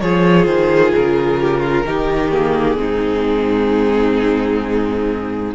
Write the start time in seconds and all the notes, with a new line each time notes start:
0.00 F3 F4 G#4 C#5
0.45 D#3 C5
0.95 C#3 A#4
1.41 G4
1.60 F4
1.86 D#3 D#4 G4
2.30 A#3 G#4
2.77 G#2 C4 D#4